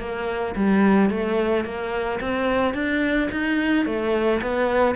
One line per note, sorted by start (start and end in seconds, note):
0.00 0.55 A#3
0.56 1.10 G3
1.10 1.65 A3
1.65 2.20 A#3
2.21 2.74 C4
2.74 3.29 D4
3.31 3.86 D#4
3.86 4.41 A3
4.42 4.96 B3